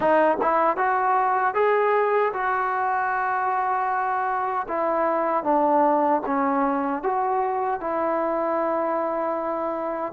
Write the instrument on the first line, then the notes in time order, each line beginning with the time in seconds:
trombone
0.00 D#4
0.41 E4
0.76 F#4
1.54 G#4
2.33 F#4
4.68 E4
5.43 D4
6.26 C#4
7.02 F#4
7.80 E4